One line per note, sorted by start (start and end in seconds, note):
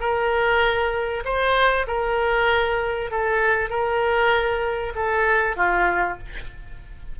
0.00 1.24 A#4
1.25 1.86 C5
1.87 3.11 A#4
3.11 3.69 A4
3.69 4.93 A#4
4.95 5.56 A4
5.56 6.18 F4